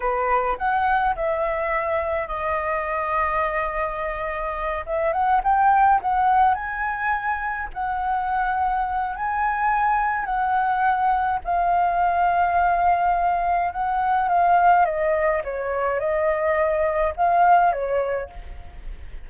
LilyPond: \new Staff \with { instrumentName = "flute" } { \time 4/4 \tempo 4 = 105 b'4 fis''4 e''2 | dis''1~ | dis''8 e''8 fis''8 g''4 fis''4 gis''8~ | gis''4. fis''2~ fis''8 |
gis''2 fis''2 | f''1 | fis''4 f''4 dis''4 cis''4 | dis''2 f''4 cis''4 | }